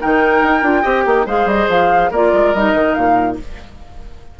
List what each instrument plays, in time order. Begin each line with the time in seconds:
0.00 bassoon D#3, clarinet D#4, oboe A#4, flute G5
0.43 bassoon D#4
0.62 bassoon D4, clarinet F4
0.82 bassoon C4, clarinet G4, oboe D#5
1.06 bassoon A#3, oboe D#4
1.26 bassoon G#3, clarinet G#4, oboe C5, flute F5
1.46 bassoon G3, flute D#5
1.69 bassoon F3, flute F5
2.11 bassoon A#3, clarinet F4, oboe A#4, flute D5
2.33 bassoon G#3
2.54 bassoon G3, clarinet D#4, flute D#5
2.74 bassoon D#3
2.94 bassoon A#2, flute F5